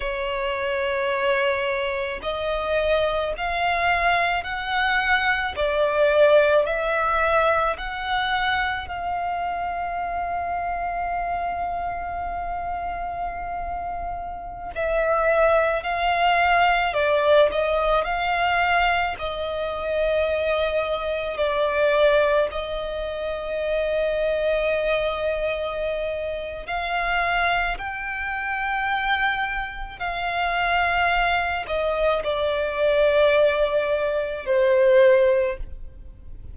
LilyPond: \new Staff \with { instrumentName = "violin" } { \time 4/4 \tempo 4 = 54 cis''2 dis''4 f''4 | fis''4 d''4 e''4 fis''4 | f''1~ | f''4~ f''16 e''4 f''4 d''8 dis''16~ |
dis''16 f''4 dis''2 d''8.~ | d''16 dis''2.~ dis''8. | f''4 g''2 f''4~ | f''8 dis''8 d''2 c''4 | }